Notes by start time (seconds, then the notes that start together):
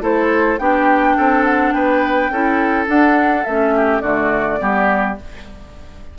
0.00 A3 E4 A4 C5
0.58 B3 D4 G4 G5
1.17 C4 A4
1.44 F#5
1.72 B3 B4 G5
2.30 C#4 E4 A4
2.86 D4 F#5
3.44 A3 C#4 E5
3.75 G4
4.00 D3 A3 F#4 D5
4.58 G3 B3 G4